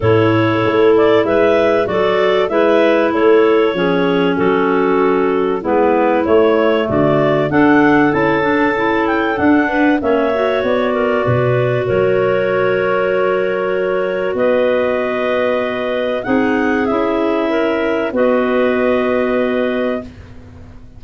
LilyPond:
<<
  \new Staff \with { instrumentName = "clarinet" } { \time 4/4 \tempo 4 = 96 cis''4. d''8 e''4 d''4 | e''4 cis''2 a'4~ | a'4 b'4 cis''4 d''4 | fis''4 a''4. g''8 fis''4 |
e''4 d''2 cis''4~ | cis''2. dis''4~ | dis''2 fis''4 e''4~ | e''4 dis''2. | }
  \new Staff \with { instrumentName = "clarinet" } { \time 4/4 a'2 b'4 a'4 | b'4 a'4 gis'4 fis'4~ | fis'4 e'2 fis'4 | a'2.~ a'8 b'8 |
cis''4. ais'8 b'4 ais'4~ | ais'2. b'4~ | b'2 gis'2 | ais'4 b'2. | }
  \new Staff \with { instrumentName = "clarinet" } { \time 4/4 e'2. fis'4 | e'2 cis'2~ | cis'4 b4 a2 | d'4 e'8 d'8 e'4 d'4 |
cis'8 fis'2.~ fis'8~ | fis'1~ | fis'2 dis'4 e'4~ | e'4 fis'2. | }
  \new Staff \with { instrumentName = "tuba" } { \time 4/4 a,4 a4 gis4 fis4 | gis4 a4 f4 fis4~ | fis4 gis4 a4 d4 | d'4 cis'2 d'4 |
ais4 b4 b,4 fis4~ | fis2. b4~ | b2 c'4 cis'4~ | cis'4 b2. | }
>>